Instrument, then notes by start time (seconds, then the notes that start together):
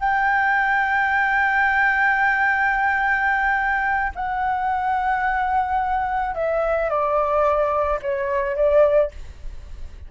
flute
0.00 G5
4.16 F#5
6.35 E5
6.90 D5
8.02 C#5
8.56 D5